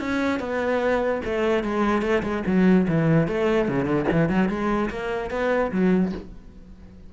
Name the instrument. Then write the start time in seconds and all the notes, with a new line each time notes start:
cello
0.00 C#4
0.40 B3
1.25 A3
1.64 G#3
2.02 A3
2.23 G#3
2.47 F#3
2.88 E3
3.28 A3
3.69 C#3
3.85 D3
4.12 E3
4.29 F#3
4.49 G#3
4.91 A#3
5.31 B3
5.72 F#3